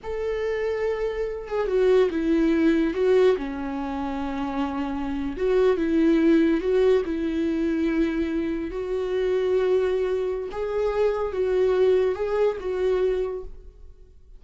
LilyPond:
\new Staff \with { instrumentName = "viola" } { \time 4/4 \tempo 4 = 143 a'2.~ a'8 gis'8 | fis'4 e'2 fis'4 | cis'1~ | cis'8. fis'4 e'2 fis'16~ |
fis'8. e'2.~ e'16~ | e'8. fis'2.~ fis'16~ | fis'4 gis'2 fis'4~ | fis'4 gis'4 fis'2 | }